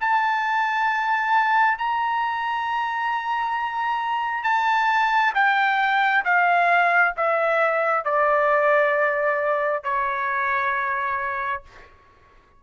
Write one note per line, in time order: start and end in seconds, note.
0.00 1.78 A5
1.78 4.43 A#5
4.43 5.33 A5
5.34 6.24 G5
6.24 7.14 F5
7.16 8.04 E5
8.04 9.83 D5
9.83 11.62 C#5